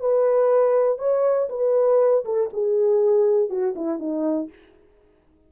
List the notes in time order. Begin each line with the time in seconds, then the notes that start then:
0.00 B4
0.98 C#5
1.49 B4
2.25 A4
2.53 G#4
3.49 F#4
3.75 E4
3.99 D#4